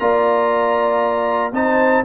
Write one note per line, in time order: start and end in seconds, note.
0.00 1.53 A#3
0.00 1.53 F4
0.00 1.54 D5
0.00 1.53 A#5
1.53 2.04 C4
1.53 2.05 D#4
1.53 2.05 C5
1.53 2.06 A5